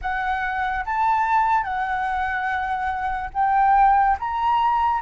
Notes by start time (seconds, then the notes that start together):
0.01 F#5
0.85 A5
1.63 F#5
3.33 G5
4.19 A#5